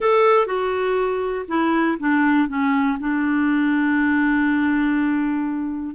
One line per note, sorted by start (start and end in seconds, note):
0.00 0.46 A4
0.46 1.45 F#4
1.47 1.97 E4
1.99 2.48 D4
2.48 2.98 C#4
2.99 5.95 D4